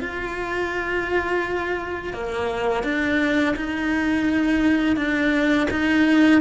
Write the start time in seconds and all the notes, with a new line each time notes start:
0.00 F4
2.13 A#3
2.83 D4
3.56 D#4
4.96 D4
5.70 D#4